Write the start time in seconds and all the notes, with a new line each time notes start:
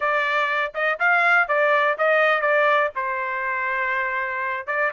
0.00 D5
0.74 D#5
0.99 F5
1.48 D5
1.98 D#5
2.41 D5
2.95 C5
4.66 D5